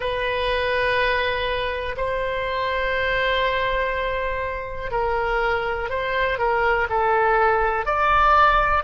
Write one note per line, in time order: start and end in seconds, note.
0.00 1.95 B4
1.97 4.91 C5
4.91 5.89 A#4
5.89 6.38 C5
6.38 6.87 A#4
6.89 7.85 A4
7.85 8.83 D5